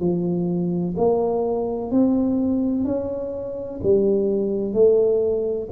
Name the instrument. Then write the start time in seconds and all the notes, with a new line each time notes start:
tuba
0.00 F3
0.97 A#3
1.91 C4
2.85 C#4
3.83 G3
4.73 A3